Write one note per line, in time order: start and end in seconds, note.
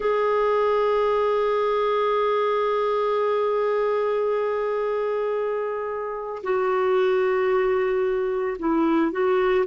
0.00 6.42 G#4
6.43 8.57 F#4
8.59 9.11 E4
9.11 9.65 F#4